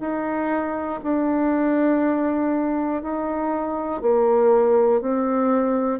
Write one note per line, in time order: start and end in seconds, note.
0.00 1.00 D#4
1.03 3.02 D4
3.02 4.01 D#4
4.01 5.00 A#3
5.00 6.00 C4